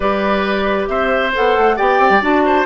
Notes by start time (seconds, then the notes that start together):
0.00 G3 G4 B4 D5
0.87 C4 C5 E5
1.34 B3 A4 F#5
1.57 A3
1.76 B3 G4 D5 G5
1.99 C4
2.09 G3
2.21 D4 F#4 A5
2.45 C5